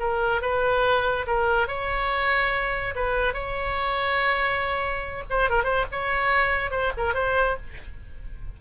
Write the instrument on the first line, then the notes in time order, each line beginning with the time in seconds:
oboe
0.00 A#4
0.42 B4
1.28 A#4
1.68 C#5
2.96 B4
3.34 C#5
5.30 C5
5.50 A#4
5.64 C5
5.92 C#5
6.71 C5
6.98 A#4
7.14 C5